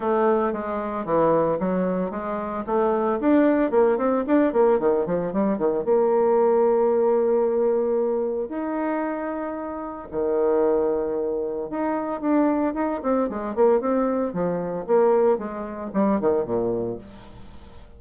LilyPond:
\new Staff \with { instrumentName = "bassoon" } { \time 4/4 \tempo 4 = 113 a4 gis4 e4 fis4 | gis4 a4 d'4 ais8 c'8 | d'8 ais8 dis8 f8 g8 dis8 ais4~ | ais1 |
dis'2. dis4~ | dis2 dis'4 d'4 | dis'8 c'8 gis8 ais8 c'4 f4 | ais4 gis4 g8 dis8 ais,4 | }